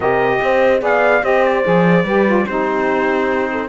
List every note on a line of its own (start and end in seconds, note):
0.00 0.39 C3
0.00 0.79 G4
0.00 0.40 A#4
0.00 0.82 D#5
0.41 0.81 C4
0.41 0.82 C5
0.79 1.22 B3
0.79 1.20 G#4
0.79 1.23 D5
0.79 1.24 F5
1.22 1.64 C4
1.22 1.63 G4
1.22 2.05 C5
1.22 1.44 D#5
1.44 2.46 D5
1.63 2.04 F3
1.63 2.04 G#4
2.04 2.45 G3
2.04 2.26 G4
2.04 2.46 B4
2.26 2.46 F4
2.46 3.68 C4
2.46 3.68 D#4
2.46 3.51 G4
2.46 3.68 C5
3.51 3.68 A4